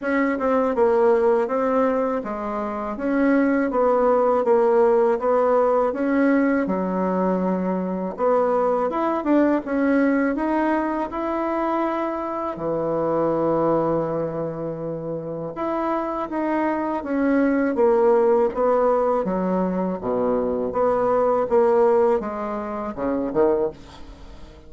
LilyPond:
\new Staff \with { instrumentName = "bassoon" } { \time 4/4 \tempo 4 = 81 cis'8 c'8 ais4 c'4 gis4 | cis'4 b4 ais4 b4 | cis'4 fis2 b4 | e'8 d'8 cis'4 dis'4 e'4~ |
e'4 e2.~ | e4 e'4 dis'4 cis'4 | ais4 b4 fis4 b,4 | b4 ais4 gis4 cis8 dis8 | }